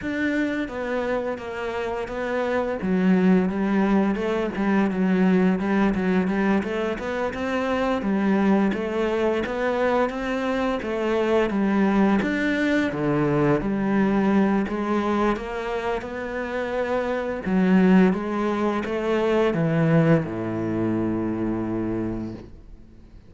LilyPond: \new Staff \with { instrumentName = "cello" } { \time 4/4 \tempo 4 = 86 d'4 b4 ais4 b4 | fis4 g4 a8 g8 fis4 | g8 fis8 g8 a8 b8 c'4 g8~ | g8 a4 b4 c'4 a8~ |
a8 g4 d'4 d4 g8~ | g4 gis4 ais4 b4~ | b4 fis4 gis4 a4 | e4 a,2. | }